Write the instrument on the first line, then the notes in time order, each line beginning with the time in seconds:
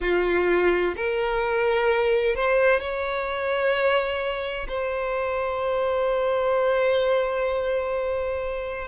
violin
0.00 F4
0.96 A#4
2.35 C5
2.80 C#5
4.68 C5